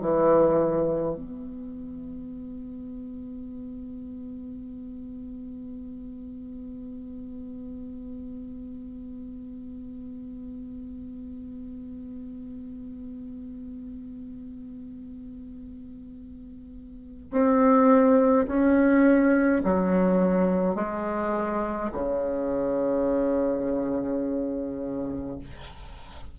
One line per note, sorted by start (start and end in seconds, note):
0.00 1.15 E3
1.15 17.31 B3
17.31 18.46 C4
18.46 19.62 C#4
19.64 20.75 F#3
20.75 21.90 G#3
21.92 25.38 C#3